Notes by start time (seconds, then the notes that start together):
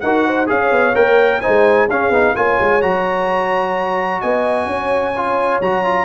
0.00 D#4 F#4 A#4 F#5
0.26 C5
0.46 C#4 G#4 C#5 F5
0.71 B3
0.94 A#3 A#4 G5
1.41 D#4 C5 G#5
1.47 G#3
1.87 C#4 G#4 F5
2.10 B3 D#4
2.35 A#3 F4 C#5 G#5
2.60 G#3
2.81 F#3 F#4 A#5
4.21 B3 D#5 G#5
4.66 C#4 C#5
5.16 F4
5.61 F#3 F#4 A#5
5.84 F4